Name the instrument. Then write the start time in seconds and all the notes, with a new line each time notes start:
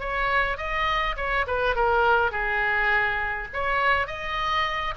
oboe
0.00 C#5
0.58 D#5
1.17 C#5
1.47 B4
1.76 A#4
2.31 G#4
3.53 C#5
4.07 D#5